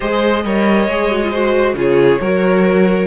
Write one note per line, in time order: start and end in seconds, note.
0.00 0.45 G#3
0.00 0.43 G#4
0.00 0.43 C5
0.00 1.77 D#5
0.45 0.88 G3
0.45 0.89 A#4
0.45 1.30 C#5
0.88 1.73 G#3
0.88 1.11 G#4
1.11 1.22 F#4
1.23 1.32 F4
1.30 1.75 F#4
1.30 1.74 C5
1.73 2.18 C#3
1.73 2.19 F4
1.73 2.21 G#4
1.80 3.07 C#5
2.21 3.07 F#3
2.21 3.07 F#4
2.21 3.07 A#4